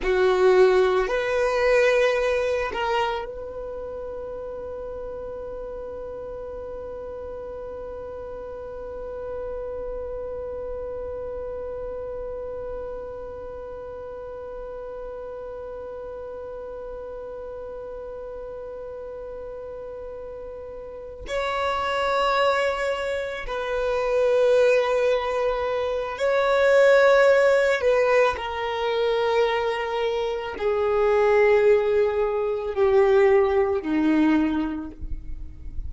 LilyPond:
\new Staff \with { instrumentName = "violin" } { \time 4/4 \tempo 4 = 55 fis'4 b'4. ais'8 b'4~ | b'1~ | b'1~ | b'1~ |
b'2.~ b'8 cis''8~ | cis''4. b'2~ b'8 | cis''4. b'8 ais'2 | gis'2 g'4 dis'4 | }